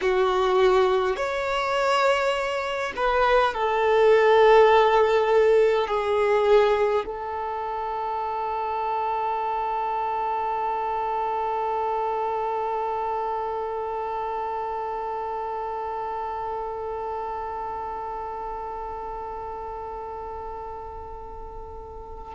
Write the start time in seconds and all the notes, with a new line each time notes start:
0.01 F#4
1.16 C#5
2.96 B4
3.53 A4
5.87 G#4
7.05 A4